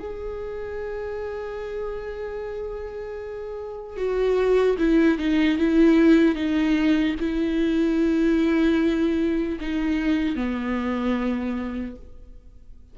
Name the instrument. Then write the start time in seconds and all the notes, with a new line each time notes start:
viola
0.00 G#4
3.97 F#4
4.79 E4
5.19 D#4
5.59 E4
6.36 D#4
7.20 E4
9.61 D#4
10.36 B3